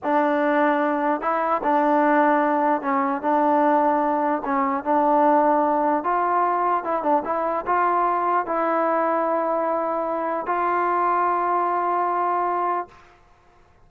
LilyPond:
\new Staff \with { instrumentName = "trombone" } { \time 4/4 \tempo 4 = 149 d'2. e'4 | d'2. cis'4 | d'2. cis'4 | d'2. f'4~ |
f'4 e'8 d'8 e'4 f'4~ | f'4 e'2.~ | e'2 f'2~ | f'1 | }